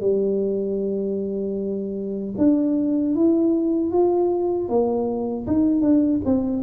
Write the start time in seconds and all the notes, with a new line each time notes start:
0.00 G3
2.37 D4
3.15 E4
3.91 F4
4.68 A#3
5.47 D#4
5.81 D4
6.24 C4